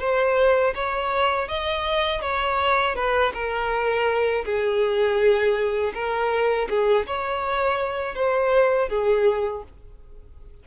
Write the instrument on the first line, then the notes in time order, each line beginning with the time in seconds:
violin
0.00 C5
0.75 C#5
1.48 D#5
2.22 C#5
2.96 B4
3.34 A#4
4.45 G#4
5.95 A#4
6.70 G#4
7.07 C#5
8.15 C5
8.89 G#4